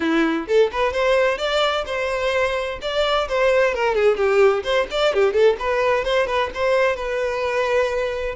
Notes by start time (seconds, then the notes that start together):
0.00 E4
0.47 A4
0.71 B4
0.93 C5
1.38 D5
1.86 C5
2.81 D5
3.28 C5
3.74 A#4
3.95 G#4
4.16 G4
4.63 C5
4.90 D5
5.13 G4
5.33 A4
5.59 B4
6.04 C5
6.26 B4
6.54 C5
6.95 B4